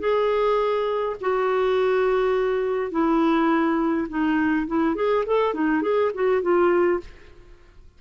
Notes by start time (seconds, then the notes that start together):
0.00 G#4
1.21 F#4
2.92 E4
4.09 D#4
4.68 E4
4.95 G#4
5.26 A4
5.54 D#4
5.82 G#4
6.15 F#4
6.42 F4